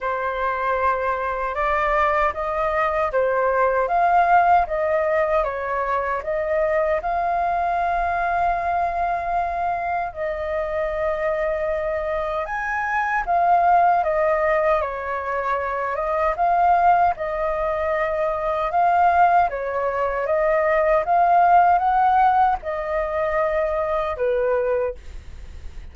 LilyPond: \new Staff \with { instrumentName = "flute" } { \time 4/4 \tempo 4 = 77 c''2 d''4 dis''4 | c''4 f''4 dis''4 cis''4 | dis''4 f''2.~ | f''4 dis''2. |
gis''4 f''4 dis''4 cis''4~ | cis''8 dis''8 f''4 dis''2 | f''4 cis''4 dis''4 f''4 | fis''4 dis''2 b'4 | }